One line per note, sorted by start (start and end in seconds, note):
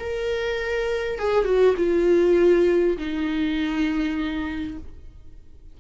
0.00 1.19 A#4
1.19 1.45 G#4
1.45 1.75 F#4
1.78 2.98 F4
2.98 4.78 D#4